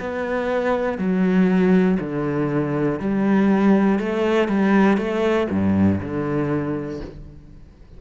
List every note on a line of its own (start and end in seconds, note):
0.00 0.99 B3
0.99 1.99 F#3
2.00 3.00 D3
3.00 3.99 G3
3.99 4.49 A3
4.49 4.98 G3
4.98 5.48 A3
5.50 6.00 G2
6.00 7.00 D3